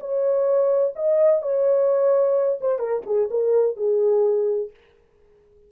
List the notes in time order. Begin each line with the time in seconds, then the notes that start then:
0.00 C#5
0.96 D#5
1.42 C#5
2.61 C5
2.79 A#4
3.06 G#4
3.31 A#4
3.76 G#4